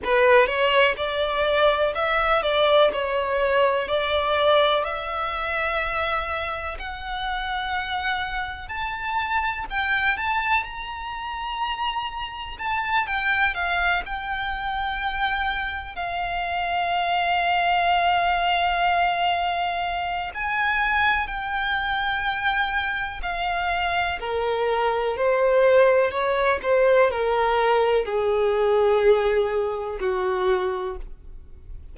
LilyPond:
\new Staff \with { instrumentName = "violin" } { \time 4/4 \tempo 4 = 62 b'8 cis''8 d''4 e''8 d''8 cis''4 | d''4 e''2 fis''4~ | fis''4 a''4 g''8 a''8 ais''4~ | ais''4 a''8 g''8 f''8 g''4.~ |
g''8 f''2.~ f''8~ | f''4 gis''4 g''2 | f''4 ais'4 c''4 cis''8 c''8 | ais'4 gis'2 fis'4 | }